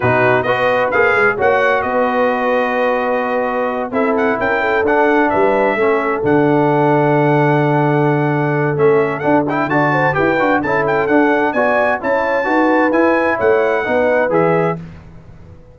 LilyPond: <<
  \new Staff \with { instrumentName = "trumpet" } { \time 4/4 \tempo 4 = 130 b'4 dis''4 f''4 fis''4 | dis''1~ | dis''8 e''8 fis''8 g''4 fis''4 e''8~ | e''4. fis''2~ fis''8~ |
fis''2. e''4 | fis''8 g''8 a''4 g''4 a''8 g''8 | fis''4 gis''4 a''2 | gis''4 fis''2 e''4 | }
  \new Staff \with { instrumentName = "horn" } { \time 4/4 fis'4 b'2 cis''4 | b'1~ | b'8 a'4 ais'8 a'4. b'8~ | b'8 a'2.~ a'8~ |
a'1~ | a'4 d''8 c''8 b'4 a'4~ | a'4 d''4 cis''4 b'4~ | b'4 cis''4 b'2 | }
  \new Staff \with { instrumentName = "trombone" } { \time 4/4 dis'4 fis'4 gis'4 fis'4~ | fis'1~ | fis'8 e'2 d'4.~ | d'8 cis'4 d'2~ d'8~ |
d'2. cis'4 | d'8 e'8 fis'4 g'8 fis'8 e'4 | d'4 fis'4 e'4 fis'4 | e'2 dis'4 gis'4 | }
  \new Staff \with { instrumentName = "tuba" } { \time 4/4 b,4 b4 ais8 gis8 ais4 | b1~ | b8 c'4 cis'4 d'4 g8~ | g8 a4 d2~ d8~ |
d2. a4 | d'4 d4 e'8 d'8 cis'4 | d'4 b4 cis'4 dis'4 | e'4 a4 b4 e4 | }
>>